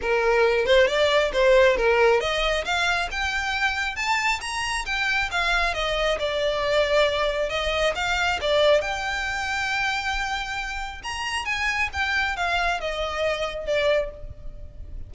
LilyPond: \new Staff \with { instrumentName = "violin" } { \time 4/4 \tempo 4 = 136 ais'4. c''8 d''4 c''4 | ais'4 dis''4 f''4 g''4~ | g''4 a''4 ais''4 g''4 | f''4 dis''4 d''2~ |
d''4 dis''4 f''4 d''4 | g''1~ | g''4 ais''4 gis''4 g''4 | f''4 dis''2 d''4 | }